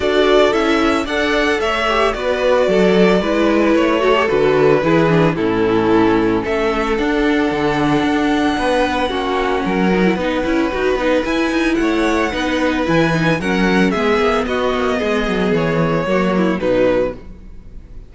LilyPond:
<<
  \new Staff \with { instrumentName = "violin" } { \time 4/4 \tempo 4 = 112 d''4 e''4 fis''4 e''4 | d''2. cis''4 | b'2 a'2 | e''4 fis''2.~ |
fis''1~ | fis''4 gis''4 fis''2 | gis''4 fis''4 e''4 dis''4~ | dis''4 cis''2 b'4 | }
  \new Staff \with { instrumentName = "violin" } { \time 4/4 a'2 d''4 cis''4 | b'4 a'4 b'4. a'8~ | a'4 gis'4 e'2 | a'1 |
b'4 fis'4 ais'4 b'4~ | b'2 cis''4 b'4~ | b'4 ais'4 gis'4 fis'4 | gis'2 fis'8 e'8 dis'4 | }
  \new Staff \with { instrumentName = "viola" } { \time 4/4 fis'4 e'4 a'4. g'8 | fis'2 e'4. fis'16 g'16 | fis'4 e'8 d'8 cis'2~ | cis'4 d'2.~ |
d'4 cis'4. dis'16 e'16 dis'8 e'8 | fis'8 dis'8 e'2 dis'4 | e'8 dis'8 cis'4 b2~ | b2 ais4 fis4 | }
  \new Staff \with { instrumentName = "cello" } { \time 4/4 d'4 cis'4 d'4 a4 | b4 fis4 gis4 a4 | d4 e4 a,2 | a4 d'4 d4 d'4 |
b4 ais4 fis4 b8 cis'8 | dis'8 b8 e'8 dis'8 a4 b4 | e4 fis4 gis8 ais8 b8 ais8 | gis8 fis8 e4 fis4 b,4 | }
>>